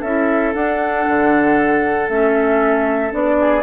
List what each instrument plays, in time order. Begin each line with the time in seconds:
0.00 bassoon C#4, clarinet E4, oboe A4, flute E5
0.54 clarinet D4, bassoon D4, flute F#5
1.08 bassoon D3
2.09 bassoon A3, clarinet C#4, flute E5
3.11 bassoon B3, clarinet D4, flute D5
3.40 oboe G#4